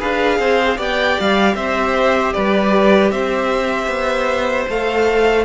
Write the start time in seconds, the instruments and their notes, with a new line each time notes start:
0.00 cello D4, viola G#4, violin B4 F5
0.39 cello C4, violin C5
0.77 cello B3, viola G4, violin D5 G5
1.20 cello G3, violin F5
1.55 cello C4, violin C5 E5
2.34 cello G3, violin B4 D5
3.12 cello C4, violin C5 E5
3.88 cello B3
4.69 cello A3, viola A4, violin F5